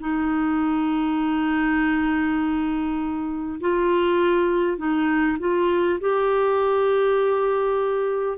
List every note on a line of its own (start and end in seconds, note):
0.00 3.60 D#4
3.61 4.77 F4
4.77 5.37 D#4
5.39 5.99 F4
6.01 8.38 G4